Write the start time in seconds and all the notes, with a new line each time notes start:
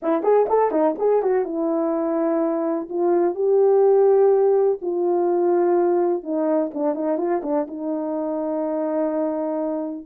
0.02 E4
0.22 G#4
0.49 A4
0.71 D#4
0.98 G#4
1.22 F#4
1.44 E4
2.89 F4
3.34 G4
4.81 F4
6.23 D#4
6.74 D4
6.94 D#4
7.17 F4
7.42 D4
7.67 D#4